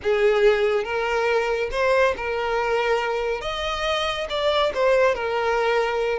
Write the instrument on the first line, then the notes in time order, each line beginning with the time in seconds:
violin
0.02 G#4
0.84 A#4
1.71 C5
2.16 A#4
3.41 D#5
4.29 D5
4.74 C5
5.14 A#4